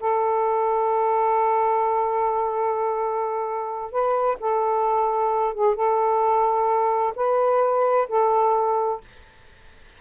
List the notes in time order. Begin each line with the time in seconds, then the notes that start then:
0.00 A4
3.92 B4
4.40 A4
5.54 G#4
5.75 A4
7.16 B4
8.09 A4